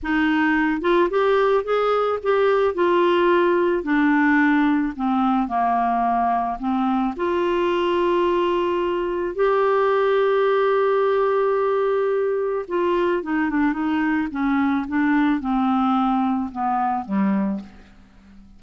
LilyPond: \new Staff \with { instrumentName = "clarinet" } { \time 4/4 \tempo 4 = 109 dis'4. f'8 g'4 gis'4 | g'4 f'2 d'4~ | d'4 c'4 ais2 | c'4 f'2.~ |
f'4 g'2.~ | g'2. f'4 | dis'8 d'8 dis'4 cis'4 d'4 | c'2 b4 g4 | }